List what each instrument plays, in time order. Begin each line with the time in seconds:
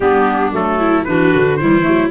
0.00 tuba G3, clarinet B3, viola D4, trumpet G4
0.52 tuba F#3, clarinet A3, trumpet A4
0.79 viola E4
1.04 tuba E3, clarinet D4, trumpet B4
1.10 viola F#4
1.35 tuba D3
1.56 tuba E3, clarinet G3, viola E4, trumpet C5
1.81 tuba F#3, clarinet A3